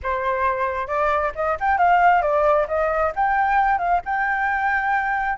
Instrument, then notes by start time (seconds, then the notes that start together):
flute
0.02 C5
0.87 D5
1.35 D#5
1.60 G5
1.78 F5
2.22 D5
2.67 D#5
3.15 G5
3.78 F5
4.05 G5